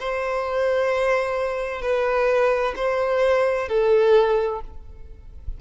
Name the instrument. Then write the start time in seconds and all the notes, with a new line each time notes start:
violin
0.00 C5
1.82 B4
2.77 C5
3.69 A4